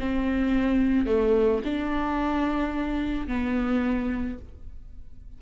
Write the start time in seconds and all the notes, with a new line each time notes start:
0.00 C4
1.07 A3
1.65 D4
3.28 B3